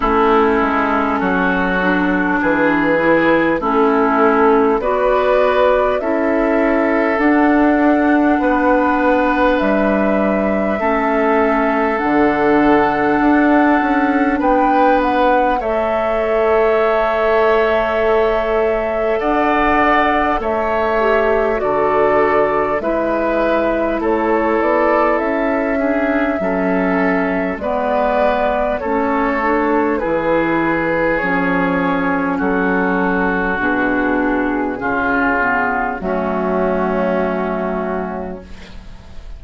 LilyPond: <<
  \new Staff \with { instrumentName = "flute" } { \time 4/4 \tempo 4 = 50 a'2 b'4 a'4 | d''4 e''4 fis''2 | e''2 fis''2 | g''8 fis''8 e''2. |
fis''4 e''4 d''4 e''4 | cis''8 d''8 e''2 d''4 | cis''4 b'4 cis''4 a'4 | gis'2 fis'2 | }
  \new Staff \with { instrumentName = "oboe" } { \time 4/4 e'4 fis'4 gis'4 e'4 | b'4 a'2 b'4~ | b'4 a'2. | b'4 cis''2. |
d''4 cis''4 a'4 b'4 | a'4. gis'8 a'4 b'4 | a'4 gis'2 fis'4~ | fis'4 f'4 cis'2 | }
  \new Staff \with { instrumentName = "clarinet" } { \time 4/4 cis'4. d'4 e'8 cis'4 | fis'4 e'4 d'2~ | d'4 cis'4 d'2~ | d'4 a'2.~ |
a'4. g'8 fis'4 e'4~ | e'4. d'8 cis'4 b4 | cis'8 d'8 e'4 cis'2 | d'4 cis'8 b8 a2 | }
  \new Staff \with { instrumentName = "bassoon" } { \time 4/4 a8 gis8 fis4 e4 a4 | b4 cis'4 d'4 b4 | g4 a4 d4 d'8 cis'8 | b4 a2. |
d'4 a4 d4 gis4 | a8 b8 cis'4 fis4 gis4 | a4 e4 f4 fis4 | b,4 cis4 fis2 | }
>>